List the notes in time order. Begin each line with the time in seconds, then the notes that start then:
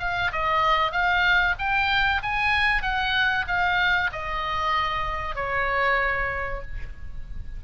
0.00 F5
0.32 D#5
0.92 F5
1.59 G5
2.22 G#5
2.82 F#5
3.48 F5
4.13 D#5
5.35 C#5